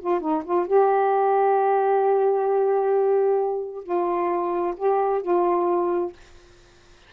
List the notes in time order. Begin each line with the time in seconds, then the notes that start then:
0.00 F4
0.21 D#4
0.45 F4
0.67 G4
3.84 F4
4.77 G4
5.22 F4